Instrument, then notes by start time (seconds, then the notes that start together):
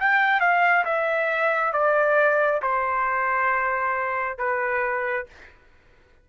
trumpet
0.00 G5
0.41 F5
0.85 E5
1.73 D5
2.62 C5
4.38 B4